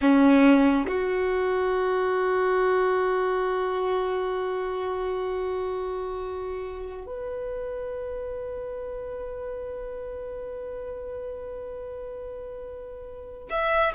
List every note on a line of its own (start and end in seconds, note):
0.01 0.86 C#4
0.87 7.06 F#4
7.06 13.48 B4
13.50 13.92 E5